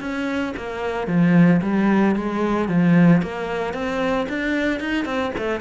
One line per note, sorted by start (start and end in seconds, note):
0.00 0.54 C#4
0.57 1.07 A#3
1.07 1.61 F3
1.62 2.16 G3
2.16 2.68 G#3
2.68 3.22 F3
3.22 3.73 A#3
3.73 4.27 C4
4.29 4.80 D4
4.80 5.05 D#4
5.05 5.32 C4
5.38 5.61 A3